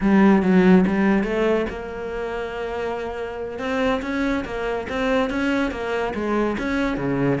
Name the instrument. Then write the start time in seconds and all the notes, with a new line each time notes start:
cello
0.00 G3
0.42 F#3
0.87 G3
1.23 A3
1.69 A#3
3.59 C4
4.02 C#4
4.44 A#3
4.89 C4
5.30 C#4
5.71 A#3
6.14 G#3
6.58 C#4
6.97 C#3